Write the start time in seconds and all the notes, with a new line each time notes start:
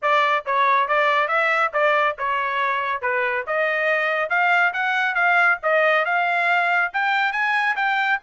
0.01 D5
0.45 C#5
0.88 D5
1.28 E5
1.73 D5
2.18 C#5
3.01 B4
3.46 D#5
4.29 F5
4.73 F#5
5.14 F5
5.62 D#5
6.05 F5
6.93 G5
7.32 G#5
7.75 G5